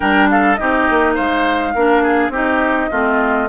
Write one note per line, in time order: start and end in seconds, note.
0.00 0.59 G3
0.00 0.57 D4
0.00 0.28 A#4
0.00 0.29 G5
0.30 0.59 A4
0.30 0.55 F5
0.55 0.89 C4
0.55 1.75 D#4
0.55 1.14 G4
0.55 1.13 D#5
0.89 1.18 A#3
1.14 1.74 G#3
1.14 1.72 C5
1.14 2.32 F5
1.74 2.29 A#3
1.74 2.32 D4
1.74 2.03 A#4
2.03 2.31 G#4
2.29 2.87 C4
2.29 2.90 D#4
2.29 2.90 G4
2.29 3.49 D#5
2.90 3.49 A3
2.90 3.49 C4
2.90 3.48 F4